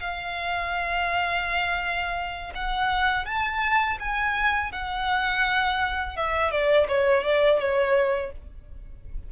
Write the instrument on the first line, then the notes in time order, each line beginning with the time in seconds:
violin
0.00 F5
2.55 F#5
3.26 A5
4.00 G#5
4.72 F#5
6.16 E5
6.51 D5
6.88 C#5
7.24 D5
7.60 C#5